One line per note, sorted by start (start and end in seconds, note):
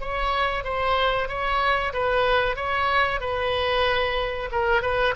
0.00 0.64 C#5
0.64 1.28 C5
1.28 1.93 C#5
1.93 2.55 B4
2.55 3.20 C#5
3.20 4.49 B4
4.51 4.82 A#4
4.82 5.14 B4